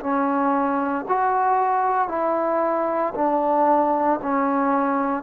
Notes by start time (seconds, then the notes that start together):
0.00 C#4
1.08 F#4
2.08 E4
3.14 D4
4.22 C#4